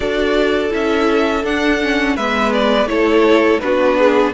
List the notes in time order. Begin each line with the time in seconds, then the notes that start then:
0.00 D4 F#4 A4 D5
0.70 C#4 E4 E5
1.43 D4 F#5
1.81 C#4
2.16 G#3 B3 B4 E5
2.52 D5
2.85 A3 E4 A4 C#5
3.60 B3 D4 F#4 B4
3.98 G#4